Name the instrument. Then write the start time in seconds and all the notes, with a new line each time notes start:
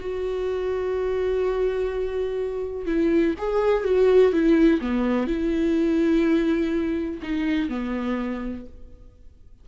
viola
0.00 F#4
2.86 E4
3.38 G#4
3.84 F#4
4.32 E4
4.81 B3
5.27 E4
7.23 D#4
7.69 B3